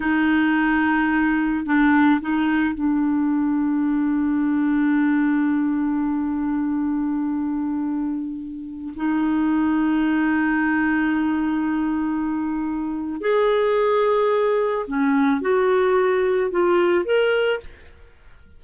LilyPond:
\new Staff \with { instrumentName = "clarinet" } { \time 4/4 \tempo 4 = 109 dis'2. d'4 | dis'4 d'2.~ | d'1~ | d'1~ |
d'16 dis'2.~ dis'8.~ | dis'1 | gis'2. cis'4 | fis'2 f'4 ais'4 | }